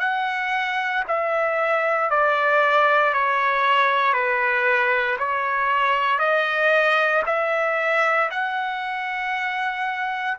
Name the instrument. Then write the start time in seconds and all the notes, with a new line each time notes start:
trumpet
0.00 F#5
1.08 E5
2.11 D5
3.14 C#5
4.14 B4
5.19 C#5
6.19 D#5
7.26 E5
8.31 F#5